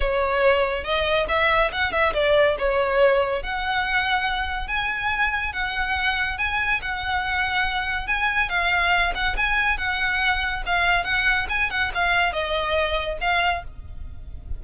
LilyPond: \new Staff \with { instrumentName = "violin" } { \time 4/4 \tempo 4 = 141 cis''2 dis''4 e''4 | fis''8 e''8 d''4 cis''2 | fis''2. gis''4~ | gis''4 fis''2 gis''4 |
fis''2. gis''4 | f''4. fis''8 gis''4 fis''4~ | fis''4 f''4 fis''4 gis''8 fis''8 | f''4 dis''2 f''4 | }